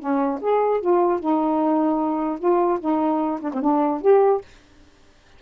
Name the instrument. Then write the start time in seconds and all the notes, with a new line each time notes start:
saxophone
0.00 C#4
0.41 G#4
0.81 F4
1.20 D#4
2.39 F4
2.80 D#4
3.41 D4
3.54 C4
3.62 D4
4.02 G4